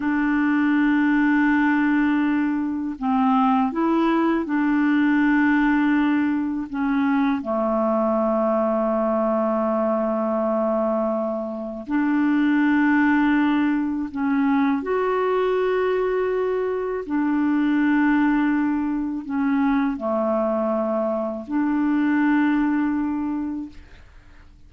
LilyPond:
\new Staff \with { instrumentName = "clarinet" } { \time 4/4 \tempo 4 = 81 d'1 | c'4 e'4 d'2~ | d'4 cis'4 a2~ | a1 |
d'2. cis'4 | fis'2. d'4~ | d'2 cis'4 a4~ | a4 d'2. | }